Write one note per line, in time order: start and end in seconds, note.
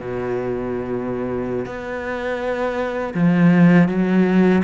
0.00 1.66 B2
1.66 3.14 B3
3.14 3.88 F3
3.88 4.62 F#3